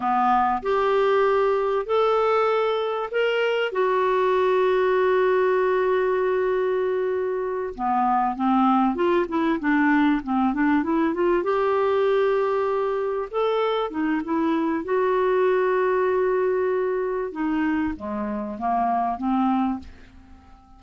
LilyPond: \new Staff \with { instrumentName = "clarinet" } { \time 4/4 \tempo 4 = 97 b4 g'2 a'4~ | a'4 ais'4 fis'2~ | fis'1~ | fis'8 b4 c'4 f'8 e'8 d'8~ |
d'8 c'8 d'8 e'8 f'8 g'4.~ | g'4. a'4 dis'8 e'4 | fis'1 | dis'4 gis4 ais4 c'4 | }